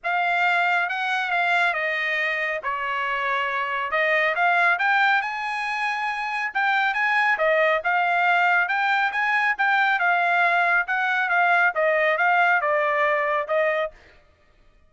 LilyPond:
\new Staff \with { instrumentName = "trumpet" } { \time 4/4 \tempo 4 = 138 f''2 fis''4 f''4 | dis''2 cis''2~ | cis''4 dis''4 f''4 g''4 | gis''2. g''4 |
gis''4 dis''4 f''2 | g''4 gis''4 g''4 f''4~ | f''4 fis''4 f''4 dis''4 | f''4 d''2 dis''4 | }